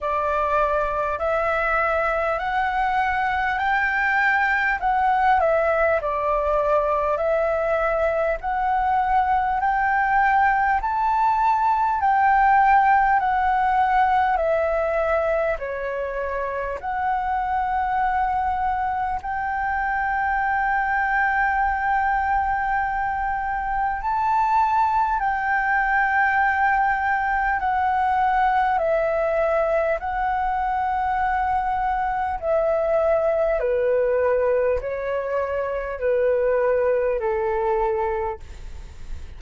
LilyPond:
\new Staff \with { instrumentName = "flute" } { \time 4/4 \tempo 4 = 50 d''4 e''4 fis''4 g''4 | fis''8 e''8 d''4 e''4 fis''4 | g''4 a''4 g''4 fis''4 | e''4 cis''4 fis''2 |
g''1 | a''4 g''2 fis''4 | e''4 fis''2 e''4 | b'4 cis''4 b'4 a'4 | }